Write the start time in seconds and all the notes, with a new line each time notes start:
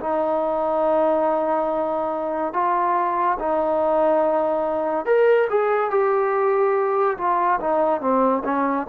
0.00 D#4
2.54 F4
3.39 D#4
5.06 A#4
5.49 G#4
5.90 G4
7.18 F4
7.61 D#4
8.01 C4
8.45 C#4